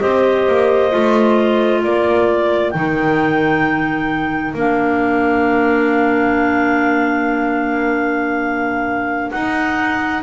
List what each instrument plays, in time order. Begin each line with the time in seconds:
0.00 double bass C4, clarinet G4 D#5, saxophone C5
0.48 double bass A#3
0.91 double bass A3, clarinet F4
1.81 double bass A#3, saxophone A#4, clarinet D5
2.71 double bass D#3, clarinet D#4 G5
4.54 double bass A#3, clarinet D4 F5
9.31 double bass D#4, clarinet D#4 F#5